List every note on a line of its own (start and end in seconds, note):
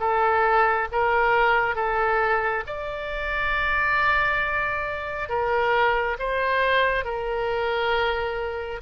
0.00 0.88 A4
0.93 1.76 A#4
1.76 2.64 A4
2.67 5.29 D5
5.29 6.18 A#4
6.20 7.05 C5
7.05 8.82 A#4